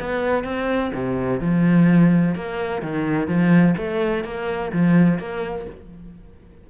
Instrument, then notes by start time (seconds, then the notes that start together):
cello
0.00 B3
0.44 C4
0.94 C3
1.41 F3
2.35 A#3
2.82 D#3
3.28 F3
3.77 A3
4.24 A#3
4.72 F3
5.19 A#3